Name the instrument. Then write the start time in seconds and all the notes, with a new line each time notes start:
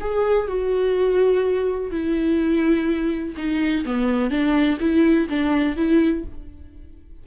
viola
0.00 G#4
0.47 F#4
1.90 E4
3.36 D#4
3.85 B3
4.30 D4
4.80 E4
5.29 D4
5.76 E4